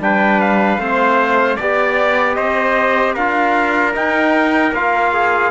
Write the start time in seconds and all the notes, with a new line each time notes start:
0.00 G3 D4 B4 G5
0.41 F5
0.78 A3 C4 C5
1.57 B3 G4 D5
2.35 C4 C5 D#5
3.15 D4 F4 A#4 F5
3.94 D#4 G5
4.73 A#3 F4 F5
5.14 G#4